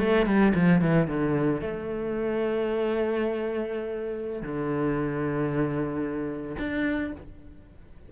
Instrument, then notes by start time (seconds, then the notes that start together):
cello
0.00 A3
0.27 G3
0.55 F3
0.82 E3
1.08 D3
1.61 A3
4.42 D3
6.59 D4